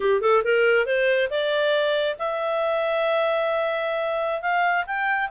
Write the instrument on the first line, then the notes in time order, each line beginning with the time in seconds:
clarinet
0.00 G4
0.21 A4
0.44 A#4
0.85 C5
1.30 D5
2.18 E5
4.41 F5
4.86 G5